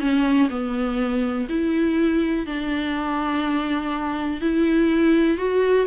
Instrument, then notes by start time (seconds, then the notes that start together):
viola
0.00 C#4
0.50 B3
1.49 E4
2.47 D4
4.41 E4
5.38 F#4